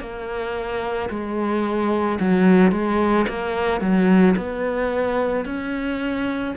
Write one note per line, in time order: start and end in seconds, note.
0.00 1.09 A#3
1.09 2.18 G#3
2.20 2.71 F#3
2.71 3.26 G#3
3.28 3.80 A#3
3.80 4.35 F#3
4.36 5.45 B3
5.45 6.54 C#4